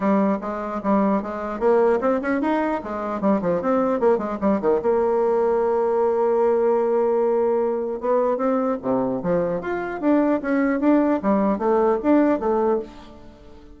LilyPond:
\new Staff \with { instrumentName = "bassoon" } { \time 4/4 \tempo 4 = 150 g4 gis4 g4 gis4 | ais4 c'8 cis'8 dis'4 gis4 | g8 f8 c'4 ais8 gis8 g8 dis8 | ais1~ |
ais1 | b4 c'4 c4 f4 | f'4 d'4 cis'4 d'4 | g4 a4 d'4 a4 | }